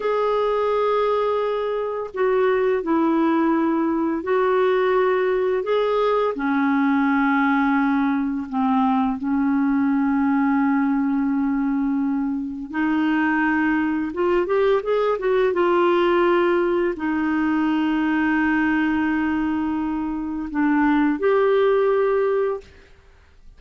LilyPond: \new Staff \with { instrumentName = "clarinet" } { \time 4/4 \tempo 4 = 85 gis'2. fis'4 | e'2 fis'2 | gis'4 cis'2. | c'4 cis'2.~ |
cis'2 dis'2 | f'8 g'8 gis'8 fis'8 f'2 | dis'1~ | dis'4 d'4 g'2 | }